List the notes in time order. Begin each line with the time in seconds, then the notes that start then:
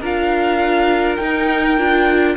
0.00 D4 F4 A#4 F5
1.16 D#4 G5
1.77 D4 F4